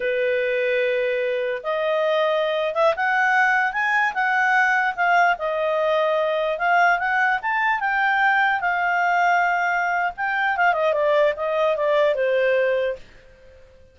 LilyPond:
\new Staff \with { instrumentName = "clarinet" } { \time 4/4 \tempo 4 = 148 b'1 | dis''2~ dis''8. e''8 fis''8.~ | fis''4~ fis''16 gis''4 fis''4.~ fis''16~ | fis''16 f''4 dis''2~ dis''8.~ |
dis''16 f''4 fis''4 a''4 g''8.~ | g''4~ g''16 f''2~ f''8.~ | f''4 g''4 f''8 dis''8 d''4 | dis''4 d''4 c''2 | }